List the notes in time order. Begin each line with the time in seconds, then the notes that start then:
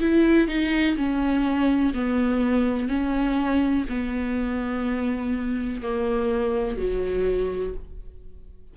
0.00 E4
0.48 D#4
0.96 C#4
1.93 B3
2.88 C#4
3.88 B3
5.82 A#3
6.77 F#3